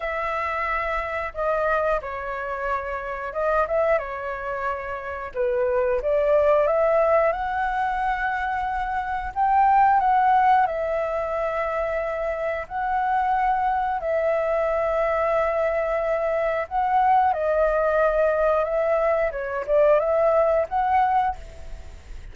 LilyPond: \new Staff \with { instrumentName = "flute" } { \time 4/4 \tempo 4 = 90 e''2 dis''4 cis''4~ | cis''4 dis''8 e''8 cis''2 | b'4 d''4 e''4 fis''4~ | fis''2 g''4 fis''4 |
e''2. fis''4~ | fis''4 e''2.~ | e''4 fis''4 dis''2 | e''4 cis''8 d''8 e''4 fis''4 | }